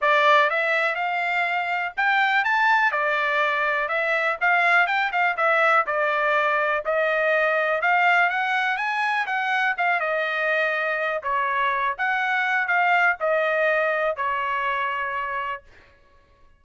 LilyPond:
\new Staff \with { instrumentName = "trumpet" } { \time 4/4 \tempo 4 = 123 d''4 e''4 f''2 | g''4 a''4 d''2 | e''4 f''4 g''8 f''8 e''4 | d''2 dis''2 |
f''4 fis''4 gis''4 fis''4 | f''8 dis''2~ dis''8 cis''4~ | cis''8 fis''4. f''4 dis''4~ | dis''4 cis''2. | }